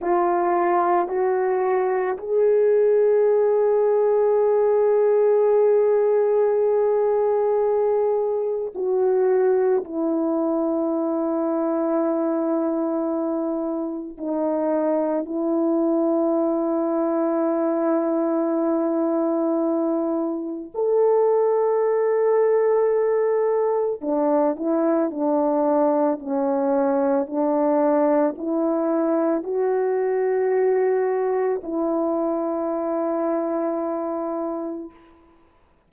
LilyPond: \new Staff \with { instrumentName = "horn" } { \time 4/4 \tempo 4 = 55 f'4 fis'4 gis'2~ | gis'1 | fis'4 e'2.~ | e'4 dis'4 e'2~ |
e'2. a'4~ | a'2 d'8 e'8 d'4 | cis'4 d'4 e'4 fis'4~ | fis'4 e'2. | }